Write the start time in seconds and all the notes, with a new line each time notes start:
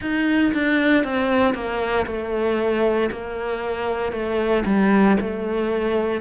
0.00 D#4
0.53 D4
1.03 C4
1.54 A#3
2.06 A3
3.11 A#3
4.12 A3
4.65 G3
5.20 A3